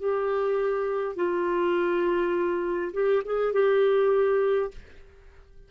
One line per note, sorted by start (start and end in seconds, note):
0.00 1.16 G4
1.16 2.93 F4
2.94 3.23 G4
3.26 3.53 G#4
3.53 4.71 G4